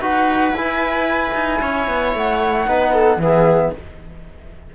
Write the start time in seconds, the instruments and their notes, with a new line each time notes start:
0.00 cello D#4, trombone F#4, viola B4, flute F#5
0.52 cello E4, trombone E4, flute G#5
1.34 cello D#4
1.61 cello C#4, viola C#5
1.88 cello B3
2.14 cello A3, flute F#5
2.67 cello B3, trombone D#4, viola B4
2.93 viola A4
3.16 cello E3, trombone B3, viola G#4, flute E5